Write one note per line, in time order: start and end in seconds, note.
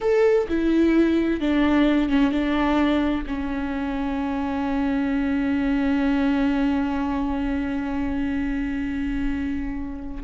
0.00 0.47 A4
0.48 1.40 E4
1.40 2.09 D4
2.09 2.31 C#4
2.31 3.24 D4
3.26 10.23 C#4